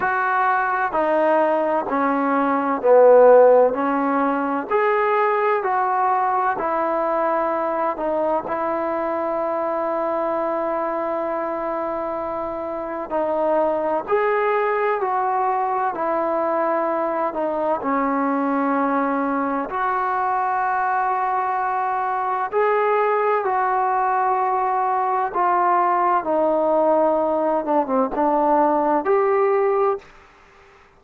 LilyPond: \new Staff \with { instrumentName = "trombone" } { \time 4/4 \tempo 4 = 64 fis'4 dis'4 cis'4 b4 | cis'4 gis'4 fis'4 e'4~ | e'8 dis'8 e'2.~ | e'2 dis'4 gis'4 |
fis'4 e'4. dis'8 cis'4~ | cis'4 fis'2. | gis'4 fis'2 f'4 | dis'4. d'16 c'16 d'4 g'4 | }